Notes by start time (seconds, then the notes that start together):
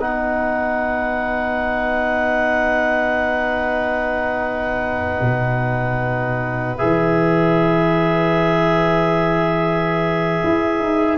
0.00 B3 D#4 B4 F#5
5.21 B2
6.78 E3 G#4 E5
10.44 E4
10.80 D#4